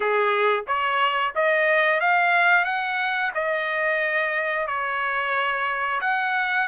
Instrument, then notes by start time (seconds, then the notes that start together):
trumpet
0.00 G#4
0.67 C#5
1.35 D#5
2.00 F5
2.65 F#5
3.34 D#5
4.67 C#5
6.00 F#5